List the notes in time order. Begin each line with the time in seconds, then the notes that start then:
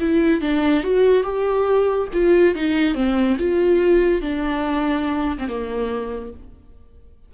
0.00 E4
0.41 D4
0.83 F#4
1.23 G4
2.13 F4
2.55 D#4
2.95 C4
3.39 F4
4.22 D4
5.38 C4
5.49 A#3